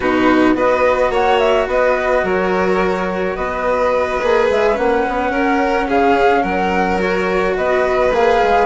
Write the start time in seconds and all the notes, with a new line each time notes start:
0.00 B2 D#4 F#4 B4
0.54 B3 F#4 B4 D#5
1.10 A#3 C#5 F#5
1.38 E5
1.67 B3 B4 D#5
2.23 F#3 A#4 C#5
3.35 B3 B4 D#5
4.22 A#3 G#4
4.50 G#3 E5
4.73 A#3 C#4 F#5
5.08 B3
5.30 C#4 A#4
5.88 C#3 G#4 F5
6.42 F#3 A#4 F#5
6.98 F#4 C#5
7.56 B3 B4 D#5
8.12 A#3 G#4 F5
8.42 G#3